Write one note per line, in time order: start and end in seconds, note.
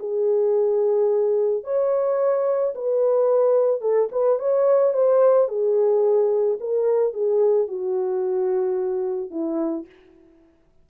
0.00 1.64 G#4
1.64 2.74 C#5
2.75 3.81 B4
3.81 4.09 A4
4.12 4.39 B4
4.39 4.94 C#5
4.94 5.49 C5
5.49 6.59 G#4
6.61 7.14 A#4
7.14 7.68 G#4
7.68 9.31 F#4
9.31 9.86 E4